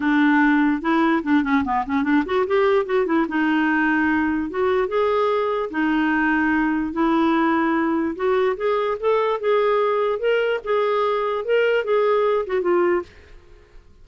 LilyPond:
\new Staff \with { instrumentName = "clarinet" } { \time 4/4 \tempo 4 = 147 d'2 e'4 d'8 cis'8 | b8 cis'8 d'8 fis'8 g'4 fis'8 e'8 | dis'2. fis'4 | gis'2 dis'2~ |
dis'4 e'2. | fis'4 gis'4 a'4 gis'4~ | gis'4 ais'4 gis'2 | ais'4 gis'4. fis'8 f'4 | }